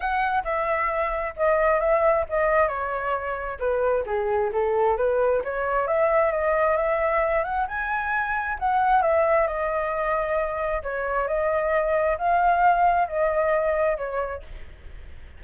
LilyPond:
\new Staff \with { instrumentName = "flute" } { \time 4/4 \tempo 4 = 133 fis''4 e''2 dis''4 | e''4 dis''4 cis''2 | b'4 gis'4 a'4 b'4 | cis''4 e''4 dis''4 e''4~ |
e''8 fis''8 gis''2 fis''4 | e''4 dis''2. | cis''4 dis''2 f''4~ | f''4 dis''2 cis''4 | }